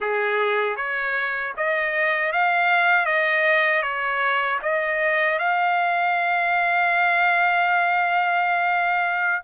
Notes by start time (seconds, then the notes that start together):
0.00 G#4
0.76 C#5
1.56 D#5
2.32 F5
3.05 D#5
3.82 C#5
4.62 D#5
5.38 F5